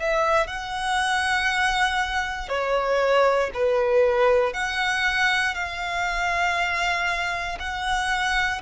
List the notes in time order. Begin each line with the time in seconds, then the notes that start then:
0.00 E5
0.47 F#5
2.49 C#5
3.54 B4
4.53 F#5
5.55 F5
7.60 F#5